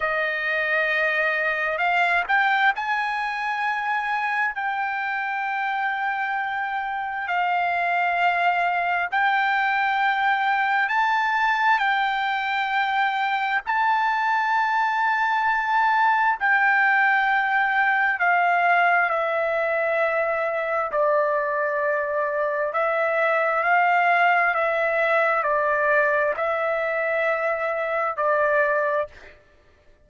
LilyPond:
\new Staff \with { instrumentName = "trumpet" } { \time 4/4 \tempo 4 = 66 dis''2 f''8 g''8 gis''4~ | gis''4 g''2. | f''2 g''2 | a''4 g''2 a''4~ |
a''2 g''2 | f''4 e''2 d''4~ | d''4 e''4 f''4 e''4 | d''4 e''2 d''4 | }